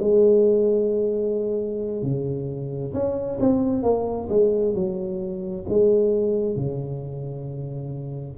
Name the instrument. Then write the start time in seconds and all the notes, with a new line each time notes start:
tuba
0.00 G#3
2.03 C#3
2.94 C#4
3.40 C4
3.83 A#3
4.30 G#3
4.75 F#3
5.69 G#3
6.57 C#3